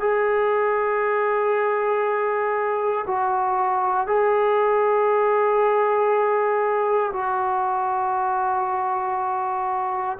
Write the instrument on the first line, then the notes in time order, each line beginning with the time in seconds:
trombone
0.00 G#4
3.06 F#4
4.06 G#4
7.13 F#4